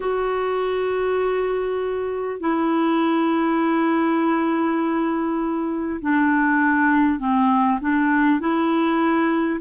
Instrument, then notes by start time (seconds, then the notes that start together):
clarinet
0.00 F#4
2.39 E4
6.00 D4
7.19 C4
7.80 D4
8.39 E4